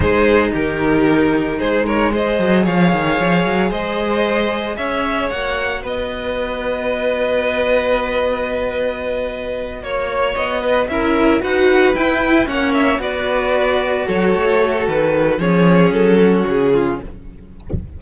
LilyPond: <<
  \new Staff \with { instrumentName = "violin" } { \time 4/4 \tempo 4 = 113 c''4 ais'2 c''8 cis''8 | dis''4 f''2 dis''4~ | dis''4 e''4 fis''4 dis''4~ | dis''1~ |
dis''2~ dis''8 cis''4 dis''8~ | dis''8 e''4 fis''4 g''4 fis''8 | e''8 d''2 cis''4. | b'4 cis''4 a'4 gis'4 | }
  \new Staff \with { instrumentName = "violin" } { \time 4/4 gis'4 g'2 gis'8 ais'8 | c''4 cis''2 c''4~ | c''4 cis''2 b'4~ | b'1~ |
b'2~ b'8 cis''4. | b'8 ais'4 b'2 cis''8~ | cis''8 b'2 a'4.~ | a'4 gis'4. fis'4 f'8 | }
  \new Staff \with { instrumentName = "cello" } { \time 4/4 dis'1 | gis'1~ | gis'2 fis'2~ | fis'1~ |
fis'1~ | fis'8 e'4 fis'4 e'4 cis'8~ | cis'8 fis'2.~ fis'8~ | fis'4 cis'2. | }
  \new Staff \with { instrumentName = "cello" } { \time 4/4 gis4 dis2 gis4~ | gis8 fis8 f8 dis8 f8 fis8 gis4~ | gis4 cis'4 ais4 b4~ | b1~ |
b2~ b8 ais4 b8~ | b8 cis'4 dis'4 e'4 ais8~ | ais8 b2 fis8 a4 | dis4 f4 fis4 cis4 | }
>>